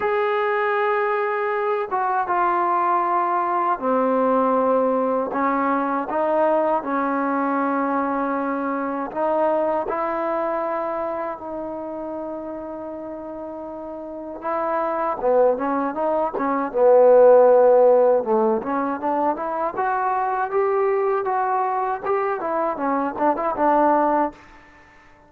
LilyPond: \new Staff \with { instrumentName = "trombone" } { \time 4/4 \tempo 4 = 79 gis'2~ gis'8 fis'8 f'4~ | f'4 c'2 cis'4 | dis'4 cis'2. | dis'4 e'2 dis'4~ |
dis'2. e'4 | b8 cis'8 dis'8 cis'8 b2 | a8 cis'8 d'8 e'8 fis'4 g'4 | fis'4 g'8 e'8 cis'8 d'16 e'16 d'4 | }